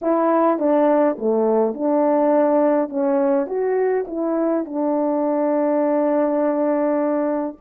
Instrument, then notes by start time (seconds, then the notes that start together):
horn
0.01 E4
0.58 D4
1.18 A3
1.73 D4
2.89 C#4
3.47 F#4
4.07 E4
4.65 D4